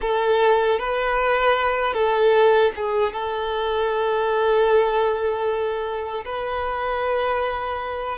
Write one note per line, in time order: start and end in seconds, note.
0.01 0.79 A4
0.79 1.93 B4
1.93 2.71 A4
2.75 3.12 G#4
3.12 6.24 A4
6.24 8.18 B4